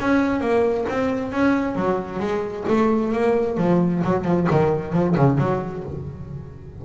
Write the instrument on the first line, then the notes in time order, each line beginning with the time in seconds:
double bass
0.00 C#4
0.40 A#3
0.89 C4
1.32 C#4
1.75 F#3
2.19 G#3
2.68 A3
3.13 A#3
3.57 F3
4.04 F#3
4.25 F3
4.51 D#3
4.93 F3
5.16 C#3
5.38 F#3